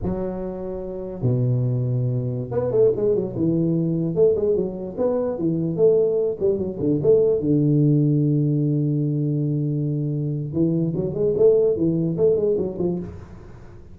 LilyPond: \new Staff \with { instrumentName = "tuba" } { \time 4/4 \tempo 4 = 148 fis2. b,4~ | b,2~ b,16 b8 a8 gis8 fis16~ | fis16 e2 a8 gis8 fis8.~ | fis16 b4 e4 a4. g16~ |
g16 fis8 d8 a4 d4.~ d16~ | d1~ | d2 e4 fis8 gis8 | a4 e4 a8 gis8 fis8 f8 | }